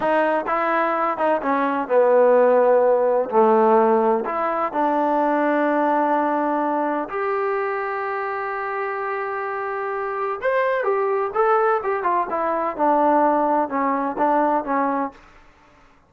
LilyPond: \new Staff \with { instrumentName = "trombone" } { \time 4/4 \tempo 4 = 127 dis'4 e'4. dis'8 cis'4 | b2. a4~ | a4 e'4 d'2~ | d'2. g'4~ |
g'1~ | g'2 c''4 g'4 | a'4 g'8 f'8 e'4 d'4~ | d'4 cis'4 d'4 cis'4 | }